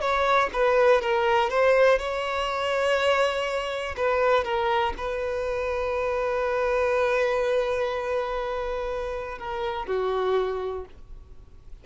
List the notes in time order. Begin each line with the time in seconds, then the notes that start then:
0.00 C#5
0.53 B4
1.01 A#4
1.49 C5
1.99 C#5
3.96 B4
4.44 A#4
4.97 B4
9.38 A#4
9.86 F#4